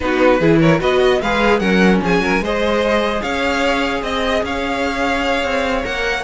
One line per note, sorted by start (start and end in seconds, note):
0.00 0.40 B3
0.00 0.41 D#4
0.00 0.39 F#4
0.00 0.59 B4
0.39 0.80 E3
0.39 0.79 E4
0.39 0.59 G#4
0.60 0.80 A#4
0.60 0.80 C#5
0.79 1.21 B3
0.79 1.19 F#4
0.79 0.99 B4
0.79 1.21 D#5
0.99 1.19 D#5
1.21 1.60 G#3
1.21 1.61 G#4
1.21 1.60 B4
1.21 1.59 F5
1.59 2.00 F#3
1.59 2.42 C#4
1.59 2.00 A#4
1.59 1.99 F#5
2.01 2.19 F3
2.01 2.22 G#4
2.01 2.44 G#5
2.19 2.40 F#3
2.19 2.43 A#4
2.40 3.20 G#3
2.40 5.83 G#4
2.40 3.22 C5
2.40 3.22 D#5
3.22 4.02 C#4
3.22 4.02 C#5
3.22 4.02 F5
4.02 4.42 C4
4.02 4.43 D#5
4.02 4.44 D#5
4.43 5.43 C#4
4.43 6.24 C#5
4.43 5.85 F5
5.43 5.83 C4
5.83 6.24 A#3
5.83 6.24 A#4
5.83 6.24 F#5